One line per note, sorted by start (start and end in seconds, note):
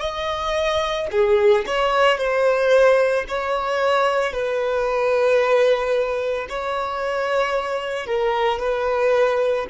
0.00 1.07 D#5
1.11 1.65 G#4
1.67 2.18 C#5
2.18 3.25 C5
3.28 4.32 C#5
4.32 6.47 B4
6.49 8.06 C#5
8.06 8.60 A#4
8.60 9.67 B4